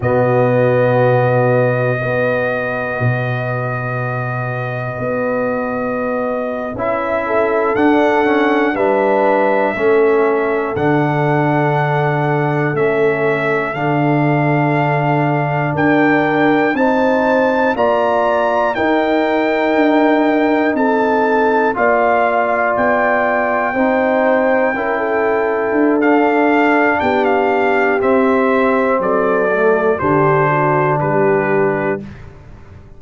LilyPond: <<
  \new Staff \with { instrumentName = "trumpet" } { \time 4/4 \tempo 4 = 60 dis''1~ | dis''2~ dis''8. e''4 fis''16~ | fis''8. e''2 fis''4~ fis''16~ | fis''8. e''4 f''2 g''16~ |
g''8. a''4 ais''4 g''4~ g''16~ | g''8. a''4 f''4 g''4~ g''16~ | g''2 f''4 g''16 f''8. | e''4 d''4 c''4 b'4 | }
  \new Staff \with { instrumentName = "horn" } { \time 4/4 fis'2 b'2~ | b'2.~ b'16 a'8.~ | a'8. b'4 a'2~ a'16~ | a'2.~ a'8. ais'16~ |
ais'8. c''4 d''4 ais'4~ ais'16~ | ais'8. a'4 d''2 c''16~ | c''8. ais'16 a'2 g'4~ | g'4 a'4 g'8 fis'8 g'4 | }
  \new Staff \with { instrumentName = "trombone" } { \time 4/4 b2 fis'2~ | fis'2~ fis'8. e'4 d'16~ | d'16 cis'8 d'4 cis'4 d'4~ d'16~ | d'8. cis'4 d'2~ d'16~ |
d'8. dis'4 f'4 dis'4~ dis'16~ | dis'4.~ dis'16 f'2 dis'16~ | dis'8. e'4~ e'16 d'2 | c'4. a8 d'2 | }
  \new Staff \with { instrumentName = "tuba" } { \time 4/4 b,2 b4 b,4~ | b,4 b4.~ b16 cis'4 d'16~ | d'8. g4 a4 d4~ d16~ | d8. a4 d2 d'16~ |
d'8. c'4 ais4 dis'4 d'16~ | d'8. c'4 ais4 b4 c'16~ | c'8. cis'4 d'4~ d'16 b4 | c'4 fis4 d4 g4 | }
>>